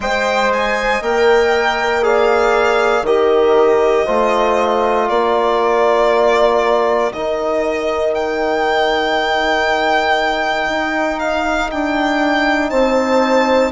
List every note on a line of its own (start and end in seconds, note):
0.00 1.00 G#3
0.00 1.02 C5
0.00 2.05 D#5
0.00 0.51 G5
0.52 1.03 G#5
1.01 3.02 A#3
1.01 2.02 A#4
1.01 2.04 G5
2.02 3.03 G#4
2.02 3.06 D5
2.02 3.05 F5
3.02 4.04 D#3
3.02 4.06 G4
3.02 4.05 A#4
3.02 5.09 D#5
4.05 5.09 A3
4.05 7.11 F4
4.05 5.07 C5
5.07 7.12 A#3
5.07 12.69 A#4
5.07 7.12 D5
7.12 10.68 D#3
7.12 13.71 D#4
7.12 8.14 D#5
8.14 11.19 G5
10.68 11.69 D#4
11.19 11.69 F5
11.71 12.71 D4
11.71 12.69 G5
12.69 13.71 C4
12.69 13.71 C5
12.69 13.71 A5